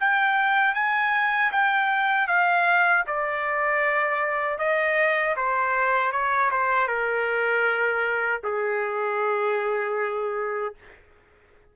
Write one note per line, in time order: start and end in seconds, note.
0.00 0.74 G5
0.74 1.51 G#5
1.52 2.27 G5
2.27 3.04 F5
3.07 4.58 D5
4.58 5.35 D#5
5.36 6.12 C5
6.12 6.50 C#5
6.51 6.87 C5
6.87 8.41 A#4
8.43 10.74 G#4